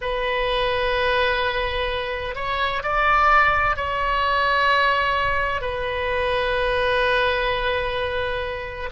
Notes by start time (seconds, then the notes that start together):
0.01 B4
2.35 C#5
2.82 D5
3.76 C#5
5.61 B4